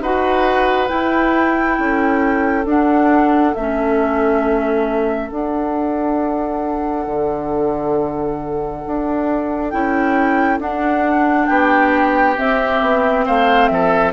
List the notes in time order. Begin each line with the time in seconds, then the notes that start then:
0.00 D#4 F#4 B4 F#5
0.87 E4 G5
1.78 C#4 A4
2.65 D4 F#5
3.54 A3 C#4 E5
5.29 D4 F#5
7.06 D3
8.87 D4
9.70 C#4 E4 G5
10.58 D4 F#5
11.46 B3 G4 G5
12.37 C4 E5
12.82 B3
13.26 A3 C5 F5
13.67 F3 A4 E5